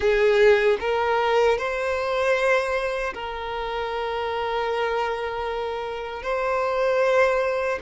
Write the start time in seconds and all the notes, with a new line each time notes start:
0.00 G#4
0.80 A#4
1.58 C5
3.14 A#4
6.22 C5